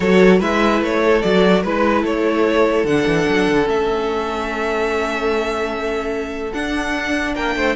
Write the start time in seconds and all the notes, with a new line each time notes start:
0.00 F#3 F#4 A4 C#5
0.39 G#3 E4 B4 E5
0.81 A3 C#5
1.05 A4
1.21 F#3 F#4 D5
1.63 G#3 E4 B4
2.01 A3 A4 C#5
2.83 D3 D4 F#5
3.06 E3
3.28 F#3
3.48 D3
3.65 A3 C#4 E5
6.53 D4 F#5
7.34 A#3 A#4 G5
7.55 A3 C5